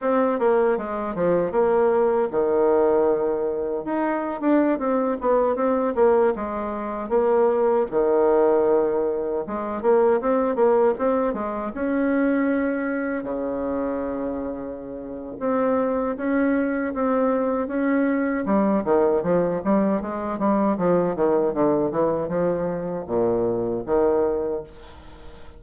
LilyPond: \new Staff \with { instrumentName = "bassoon" } { \time 4/4 \tempo 4 = 78 c'8 ais8 gis8 f8 ais4 dis4~ | dis4 dis'8. d'8 c'8 b8 c'8 ais16~ | ais16 gis4 ais4 dis4.~ dis16~ | dis16 gis8 ais8 c'8 ais8 c'8 gis8 cis'8.~ |
cis'4~ cis'16 cis2~ cis8. | c'4 cis'4 c'4 cis'4 | g8 dis8 f8 g8 gis8 g8 f8 dis8 | d8 e8 f4 ais,4 dis4 | }